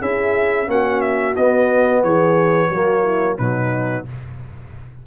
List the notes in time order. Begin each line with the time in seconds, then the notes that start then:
0.00 C#4 E4 G#4 E5
0.67 A#3 C#4 F#4 F#5
1.01 E5
1.36 B3 D#5
2.03 E3 G#4 C#5
2.68 F#3 A#3 F#4
3.02 E4
3.37 B2 F#3 D#4 B4